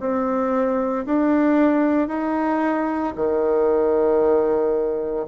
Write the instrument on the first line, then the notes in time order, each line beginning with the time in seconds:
bassoon
0.00 C4
1.06 D4
2.08 D#4
3.15 D#3